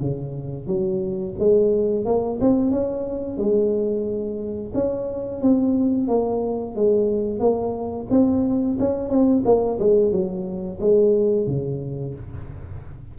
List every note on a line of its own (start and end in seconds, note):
0.00 0.67 C#3
0.67 1.34 F#3
1.39 2.05 G#3
2.05 2.39 A#3
2.41 2.71 C4
2.71 3.37 C#4
3.37 4.72 G#3
4.74 5.41 C#4
5.41 6.08 C4
6.08 6.75 A#3
6.75 7.39 G#3
7.39 8.07 A#3
8.10 8.78 C4
8.79 9.09 C#4
9.09 9.43 C4
9.45 9.79 A#3
9.79 10.12 G#3
10.12 10.79 F#3
10.80 11.47 G#3
11.47 12.14 C#3